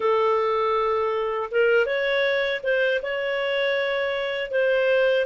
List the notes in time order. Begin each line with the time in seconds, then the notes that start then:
0.00 A4
1.51 A#4
1.86 C#5
2.63 C5
3.02 C#5
4.50 C5